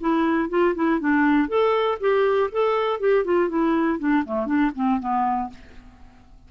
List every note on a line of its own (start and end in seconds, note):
0.00 0.49 E4
0.49 0.74 F4
0.75 1.00 E4
1.00 1.48 D4
1.48 1.98 A4
2.00 2.50 G4
2.52 3.00 A4
3.00 3.25 G4
3.25 3.49 F4
3.49 3.99 E4
3.99 4.24 D4
4.25 4.46 A3
4.46 4.71 D4
4.75 5.00 C4
5.00 5.50 B3